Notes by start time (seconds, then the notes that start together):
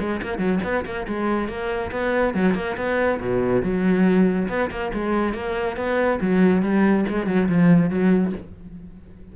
0.00 G#3
0.22 A#3
0.38 F#3
0.64 B3
0.86 A#3
1.08 G#3
1.49 A#3
1.92 B3
2.34 F#3
2.55 A#3
2.77 B3
3.20 B2
3.63 F#3
4.49 B3
4.71 A#3
4.94 G#3
5.34 A#3
5.77 B3
6.21 F#3
6.63 G3
7.09 G#3
7.27 F#3
7.49 F3
7.90 F#3